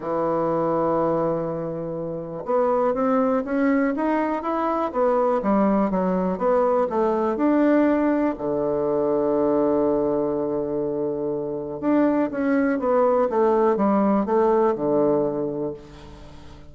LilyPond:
\new Staff \with { instrumentName = "bassoon" } { \time 4/4 \tempo 4 = 122 e1~ | e4 b4 c'4 cis'4 | dis'4 e'4 b4 g4 | fis4 b4 a4 d'4~ |
d'4 d2.~ | d1 | d'4 cis'4 b4 a4 | g4 a4 d2 | }